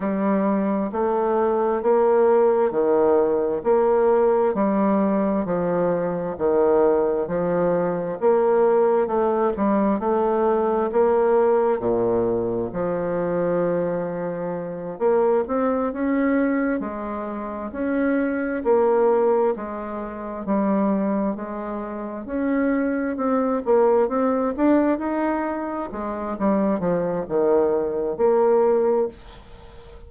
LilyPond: \new Staff \with { instrumentName = "bassoon" } { \time 4/4 \tempo 4 = 66 g4 a4 ais4 dis4 | ais4 g4 f4 dis4 | f4 ais4 a8 g8 a4 | ais4 ais,4 f2~ |
f8 ais8 c'8 cis'4 gis4 cis'8~ | cis'8 ais4 gis4 g4 gis8~ | gis8 cis'4 c'8 ais8 c'8 d'8 dis'8~ | dis'8 gis8 g8 f8 dis4 ais4 | }